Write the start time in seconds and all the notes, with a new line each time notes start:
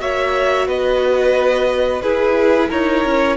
0.00 A#3 F#4 C#5 E5
0.68 B3 B4 D#5
2.02 E4 G#4 B4
2.69 D#4 A#4 C#5
3.05 C#4